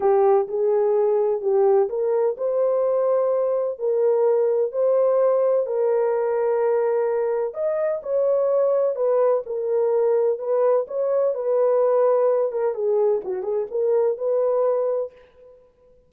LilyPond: \new Staff \with { instrumentName = "horn" } { \time 4/4 \tempo 4 = 127 g'4 gis'2 g'4 | ais'4 c''2. | ais'2 c''2 | ais'1 |
dis''4 cis''2 b'4 | ais'2 b'4 cis''4 | b'2~ b'8 ais'8 gis'4 | fis'8 gis'8 ais'4 b'2 | }